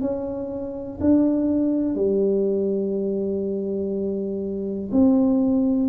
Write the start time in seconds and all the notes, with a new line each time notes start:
0.00 C#4
1.00 D4
1.95 G3
4.91 C4